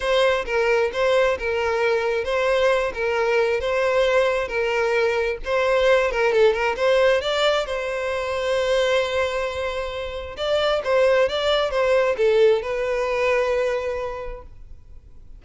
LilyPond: \new Staff \with { instrumentName = "violin" } { \time 4/4 \tempo 4 = 133 c''4 ais'4 c''4 ais'4~ | ais'4 c''4. ais'4. | c''2 ais'2 | c''4. ais'8 a'8 ais'8 c''4 |
d''4 c''2.~ | c''2. d''4 | c''4 d''4 c''4 a'4 | b'1 | }